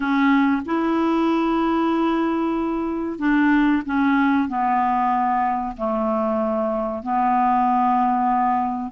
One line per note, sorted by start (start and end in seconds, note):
0.00 0.62 C#4
0.65 3.18 E4
3.18 3.82 D4
3.85 4.48 C#4
4.48 5.76 B3
5.76 7.02 A3
7.02 8.92 B3